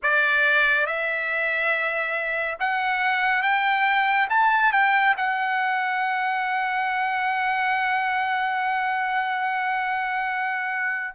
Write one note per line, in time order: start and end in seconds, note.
0.02 0.86 D5
0.86 2.57 E5
2.59 3.42 F#5
3.42 4.28 G5
4.29 4.72 A5
4.72 5.15 G5
5.17 11.14 F#5